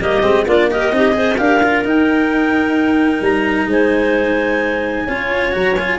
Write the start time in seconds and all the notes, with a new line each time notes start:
0.00 G3 A#3 G4 D#5
0.22 G#3 C4
0.45 A#3 D4 F4 D5
0.71 G4 A#4 D#5
0.91 C4 D#4 G4
1.12 G#4 C5
1.36 D4 G4 A#4 F5
1.63 F4
1.85 D#4 G5
3.21 G3 A#5
3.66 G#3 C5 G#5
5.07 C#4 F4 C#5
5.52 F#3 F#4 A#5
5.76 F4 G#5